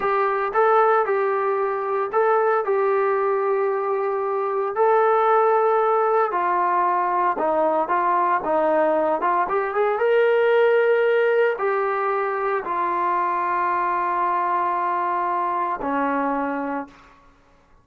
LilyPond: \new Staff \with { instrumentName = "trombone" } { \time 4/4 \tempo 4 = 114 g'4 a'4 g'2 | a'4 g'2.~ | g'4 a'2. | f'2 dis'4 f'4 |
dis'4. f'8 g'8 gis'8 ais'4~ | ais'2 g'2 | f'1~ | f'2 cis'2 | }